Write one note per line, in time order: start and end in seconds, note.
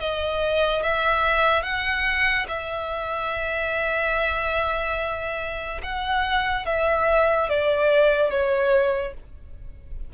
0.00 0.83 D#5
0.83 1.63 E5
1.63 2.47 F#5
2.48 5.82 E5
5.83 6.66 F#5
6.66 7.50 E5
7.50 8.31 D5
8.31 9.14 C#5